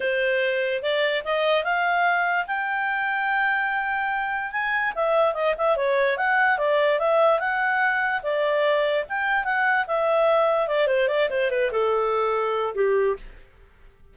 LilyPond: \new Staff \with { instrumentName = "clarinet" } { \time 4/4 \tempo 4 = 146 c''2 d''4 dis''4 | f''2 g''2~ | g''2. gis''4 | e''4 dis''8 e''8 cis''4 fis''4 |
d''4 e''4 fis''2 | d''2 g''4 fis''4 | e''2 d''8 c''8 d''8 c''8 | b'8 a'2~ a'8 g'4 | }